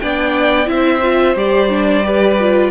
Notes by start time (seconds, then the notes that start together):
0.00 B3 D4 D5 G5
0.65 C4 E4 E5
0.72 C5
1.03 F4
1.35 G3 G4 D5
1.69 D4
2.03 G4 B4
2.40 F4